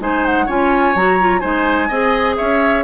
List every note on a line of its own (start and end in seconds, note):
0.00 0.48 G#3
0.00 0.48 D#4
0.00 0.46 C5
0.00 0.25 G#5
0.25 0.49 F#5
0.46 0.95 C#4
0.46 0.96 F4
0.46 1.41 C#5
0.46 0.97 G#5
0.95 1.43 F#3
0.95 1.20 F#4
0.95 1.39 A#5
1.20 1.41 F4
1.39 1.90 G#3
1.39 1.89 D#4
1.39 1.88 C5
1.39 2.35 G#5
1.88 2.37 C4
1.88 2.84 G#4
1.88 2.36 D#5
2.37 2.84 C#4
2.37 2.84 C#5
2.37 2.84 E5